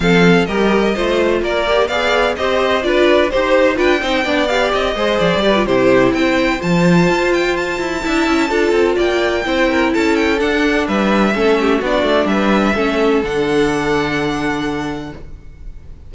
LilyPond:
<<
  \new Staff \with { instrumentName = "violin" } { \time 4/4 \tempo 4 = 127 f''4 dis''2 d''4 | f''4 dis''4 d''4 c''4 | g''4. f''8 dis''4 d''4 | c''4 g''4 a''4. g''8 |
a''2. g''4~ | g''4 a''8 g''8 fis''4 e''4~ | e''4 d''4 e''2 | fis''1 | }
  \new Staff \with { instrumentName = "violin" } { \time 4/4 a'4 ais'4 c''4 ais'4 | d''4 c''4 b'4 c''4 | b'8 c''8 d''4. c''4 b'8 | g'4 c''2.~ |
c''4 e''4 a'4 d''4 | c''8 ais'8 a'2 b'4 | a'8 g'8 fis'4 b'4 a'4~ | a'1 | }
  \new Staff \with { instrumentName = "viola" } { \time 4/4 c'4 g'4 f'4. g'8 | gis'4 g'4 f'4 g'4 | f'8 dis'8 d'8 g'4 gis'4 g'16 f'16 | e'2 f'2~ |
f'4 e'4 f'2 | e'2 d'2 | cis'4 d'2 cis'4 | d'1 | }
  \new Staff \with { instrumentName = "cello" } { \time 4/4 f4 g4 a4 ais4 | b4 c'4 d'4 dis'4 | d'8 c'8 b4 c'8 gis8 f16 g8. | c4 c'4 f4 f'4~ |
f'8 e'8 d'8 cis'8 d'8 c'8 ais4 | c'4 cis'4 d'4 g4 | a4 b8 a8 g4 a4 | d1 | }
>>